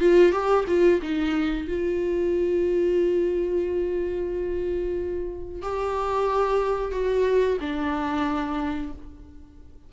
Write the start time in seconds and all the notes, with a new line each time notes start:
0.00 F4
0.32 G4
0.67 F4
1.02 D#4
1.67 F4
5.62 G4
6.91 F#4
7.60 D4